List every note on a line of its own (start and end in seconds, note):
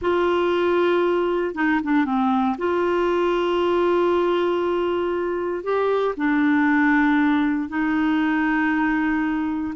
0.01 1.54 F4
1.54 1.80 D#4
1.83 2.05 D4
2.05 2.56 C4
2.58 5.63 F4
5.63 6.14 G4
6.16 7.69 D4
7.69 9.74 D#4